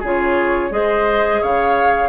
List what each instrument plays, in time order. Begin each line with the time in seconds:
0.00 bassoon C#3, clarinet F4, oboe G#4, flute C#5
0.70 bassoon G#3, clarinet G#4, oboe C5, flute D#5
1.41 bassoon C#3, oboe C#5, flute F5